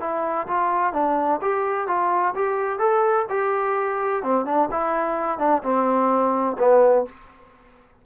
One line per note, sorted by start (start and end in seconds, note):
0.00 0.47 E4
0.47 0.93 F4
0.93 1.40 D4
1.41 1.87 G4
1.87 2.34 F4
2.35 2.79 G4
2.79 3.26 A4
3.29 4.23 G4
4.23 4.45 C4
4.45 4.69 D4
4.71 5.38 E4
5.38 5.62 D4
5.62 6.56 C4
6.58 7.05 B3